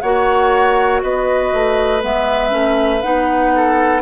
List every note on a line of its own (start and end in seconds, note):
0.00 1.02 A#3
0.00 2.01 F#4
0.00 1.02 C#5
0.00 1.00 F#5
1.02 1.52 B3
1.02 3.52 B4
1.02 2.02 D#5
1.53 2.03 A3
2.01 2.52 G#3
2.01 2.49 B3
2.01 3.02 E5
2.49 3.02 A3
2.49 2.99 C#4
3.02 4.02 B3
3.02 4.02 D#4
3.02 4.02 F#5
3.55 4.02 A4